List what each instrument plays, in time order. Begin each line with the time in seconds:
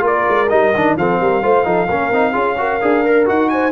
0.00 tuba A#3, trombone F4, horn A#4, trumpet D5
0.28 tuba G#3
0.49 tuba G3, trombone D#4, trumpet D#5
0.74 tuba D#3, trombone D4
0.96 tuba F3, trombone C4, horn A4, trumpet F5
1.20 tuba G3, horn A#4
1.42 tuba A3, trombone F4, horn C5
1.64 tuba F3, trombone D#4, horn A4
1.88 tuba A#3, trombone C#4, horn A#4
2.11 tuba C4, trombone D#4
2.32 tuba C#4, trombone F4, horn G#4
2.57 trombone F#4, horn A#4
2.81 tuba D4, trombone G#4
3.05 trombone A#4
3.25 tuba D#4, trombone F#4, trumpet F#5
3.49 horn C5, trumpet G#5